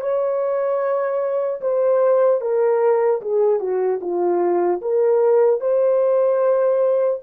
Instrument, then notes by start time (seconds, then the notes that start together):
horn
0.00 C#5
1.61 C5
2.41 A#4
3.21 G#4
3.60 F#4
4.01 F4
4.81 A#4
5.60 C5